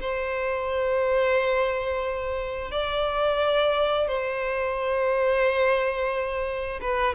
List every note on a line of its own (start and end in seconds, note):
0.00 2.71 C5
2.71 4.07 D5
4.07 6.80 C5
6.81 7.14 B4